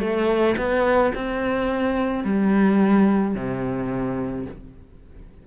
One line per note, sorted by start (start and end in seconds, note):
0.00 0.56 A3
0.57 1.13 B3
1.15 2.24 C4
2.24 3.35 G3
3.35 4.46 C3